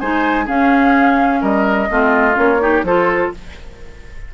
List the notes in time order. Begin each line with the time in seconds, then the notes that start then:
0.00 G#3 D#4 C5 G#5
0.45 C#4 G#4 F5
1.41 G3 A#4 D#5
1.90 A3 C4 F4
2.33 A#3 C#4 C#5
2.61 D#4 G4
2.83 F3 F4 A4 C5